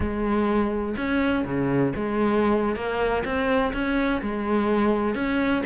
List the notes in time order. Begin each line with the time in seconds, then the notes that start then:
0.00 G#3
0.96 C#4
1.45 C#3
1.95 G#3
2.75 A#3
3.24 C4
3.73 C#4
4.21 G#3
5.14 C#4